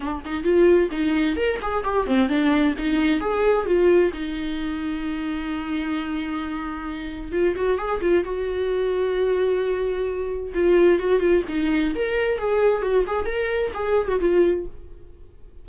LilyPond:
\new Staff \with { instrumentName = "viola" } { \time 4/4 \tempo 4 = 131 d'8 dis'8 f'4 dis'4 ais'8 gis'8 | g'8 c'8 d'4 dis'4 gis'4 | f'4 dis'2.~ | dis'1 |
f'8 fis'8 gis'8 f'8 fis'2~ | fis'2. f'4 | fis'8 f'8 dis'4 ais'4 gis'4 | fis'8 gis'8 ais'4 gis'8. fis'16 f'4 | }